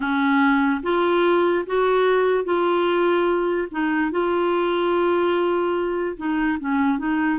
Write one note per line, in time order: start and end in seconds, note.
0.00 0.81 C#4
0.83 1.65 F4
1.66 2.44 F#4
2.44 3.68 F4
3.71 4.11 D#4
4.11 6.16 F4
6.17 6.58 D#4
6.59 6.98 C#4
6.98 7.39 D#4